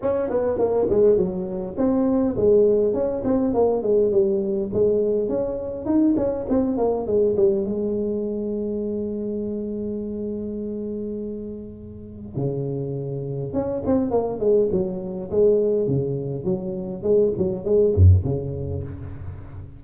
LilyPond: \new Staff \with { instrumentName = "tuba" } { \time 4/4 \tempo 4 = 102 cis'8 b8 ais8 gis8 fis4 c'4 | gis4 cis'8 c'8 ais8 gis8 g4 | gis4 cis'4 dis'8 cis'8 c'8 ais8 | gis8 g8 gis2.~ |
gis1~ | gis4 cis2 cis'8 c'8 | ais8 gis8 fis4 gis4 cis4 | fis4 gis8 fis8 gis8 fis,8 cis4 | }